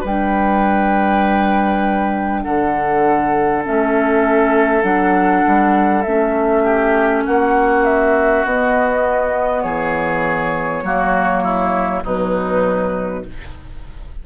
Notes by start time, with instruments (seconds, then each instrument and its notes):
0.00 bassoon G3, clarinet D4, oboe B4, flute G5
2.42 bassoon D3, oboe A4, flute F#5
3.65 bassoon A3, clarinet C#4, flute E5
4.82 bassoon F#3, clarinet D4, flute F#5
5.46 bassoon G3
6.02 bassoon A3, clarinet C#4, flute E5
6.63 oboe G4
7.25 bassoon A#3, oboe F#4, flute F#5
7.84 flute E5
8.44 bassoon B3, clarinet B3, flute D#5
9.62 bassoon E3, oboe G#4, flute C#5
10.82 bassoon F#3, clarinet A#3, oboe F#4
11.43 oboe E4
12.03 bassoon B2, clarinet F#3, oboe D#4, flute B4